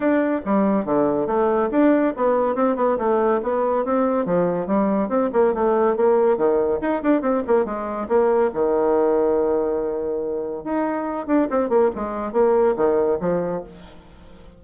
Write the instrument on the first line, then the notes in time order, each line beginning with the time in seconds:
bassoon
0.00 D4
0.45 G3
0.85 D3
1.26 A3
1.71 D4
2.16 B3
2.55 C4
2.76 B3
2.98 A3
3.42 B3
3.85 C4
4.25 F3
4.66 G3
5.09 C4
5.32 A#3
5.53 A3
5.96 A#3
6.37 D#3
6.81 D#4
7.03 D4
7.21 C4
7.47 A#3
7.65 G#3
8.08 A#3
8.53 D#3
10.64 D#4
11.26 D4
11.50 C4
11.69 A#3
11.95 G#3
12.32 A#3
12.76 D#3
13.20 F3